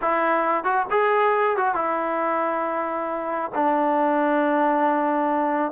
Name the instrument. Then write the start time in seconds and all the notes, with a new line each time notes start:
trombone
0.01 E4
0.63 F#4
0.90 G#4
1.56 F#4
1.74 E4
3.55 D4